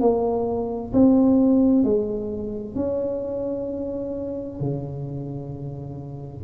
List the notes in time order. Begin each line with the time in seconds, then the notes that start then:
0.00 A#3
0.93 C4
1.84 G#3
2.75 C#4
4.59 C#3